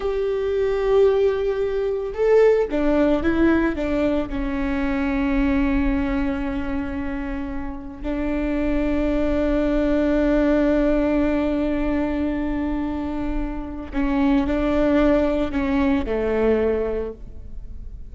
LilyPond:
\new Staff \with { instrumentName = "viola" } { \time 4/4 \tempo 4 = 112 g'1 | a'4 d'4 e'4 d'4 | cis'1~ | cis'2. d'4~ |
d'1~ | d'1~ | d'2 cis'4 d'4~ | d'4 cis'4 a2 | }